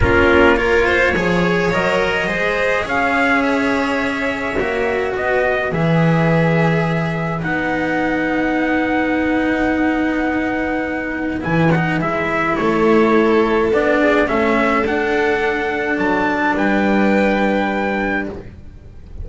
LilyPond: <<
  \new Staff \with { instrumentName = "trumpet" } { \time 4/4 \tempo 4 = 105 ais'4 cis''2 dis''4~ | dis''4 f''4 e''2~ | e''4 dis''4 e''2~ | e''4 fis''2.~ |
fis''1 | gis''8 fis''8 e''4 cis''2 | d''4 e''4 fis''2 | a''4 g''2. | }
  \new Staff \with { instrumentName = "violin" } { \time 4/4 f'4 ais'8 c''8 cis''2 | c''4 cis''2.~ | cis''4 b'2.~ | b'1~ |
b'1~ | b'2 a'2~ | a'8 gis'8 a'2.~ | a'4 b'2. | }
  \new Staff \with { instrumentName = "cello" } { \time 4/4 cis'4 f'4 gis'4 ais'4 | gis'1 | fis'2 gis'2~ | gis'4 dis'2.~ |
dis'1 | e'8 dis'8 e'2. | d'4 cis'4 d'2~ | d'1 | }
  \new Staff \with { instrumentName = "double bass" } { \time 4/4 ais2 f4 fis4 | gis4 cis'2. | ais4 b4 e2~ | e4 b2.~ |
b1 | e4 gis4 a2 | b4 a4 d'2 | fis4 g2. | }
>>